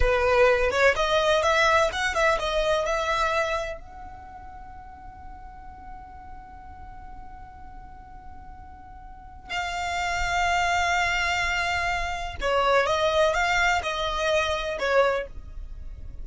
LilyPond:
\new Staff \with { instrumentName = "violin" } { \time 4/4 \tempo 4 = 126 b'4. cis''8 dis''4 e''4 | fis''8 e''8 dis''4 e''2 | fis''1~ | fis''1~ |
fis''1 | f''1~ | f''2 cis''4 dis''4 | f''4 dis''2 cis''4 | }